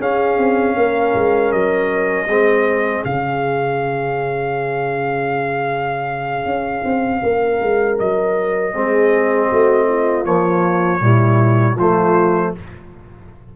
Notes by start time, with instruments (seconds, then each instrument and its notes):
0.00 tuba C#4, trombone C#4, horn G#4, trumpet F5
0.38 tuba C4
0.77 tuba A#3, horn A#4
1.15 tuba G#3
1.52 tuba F#3, trumpet D#5
2.27 tuba G#3, trombone C4, horn G#4
3.05 tuba C#3, trombone C#4, trumpet F5
6.45 tuba C#4
6.84 tuba C4
7.23 tuba A#3, horn A#4
7.61 tuba G#3
7.99 tuba F#3, trumpet D#5
8.74 tuba G#3, trombone C4, horn G#4
9.50 tuba A3, horn F#4
9.89 horn F4
10.25 trombone F3, tuba A#3, trumpet C#5
11.00 tuba A#2, trombone G3, horn E4
11.76 tuba F3, trombone A3, horn F4, trumpet C5